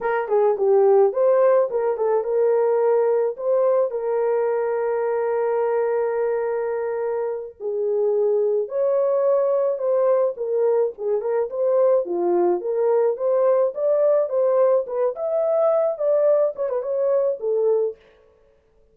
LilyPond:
\new Staff \with { instrumentName = "horn" } { \time 4/4 \tempo 4 = 107 ais'8 gis'8 g'4 c''4 ais'8 a'8 | ais'2 c''4 ais'4~ | ais'1~ | ais'4. gis'2 cis''8~ |
cis''4. c''4 ais'4 gis'8 | ais'8 c''4 f'4 ais'4 c''8~ | c''8 d''4 c''4 b'8 e''4~ | e''8 d''4 cis''16 b'16 cis''4 a'4 | }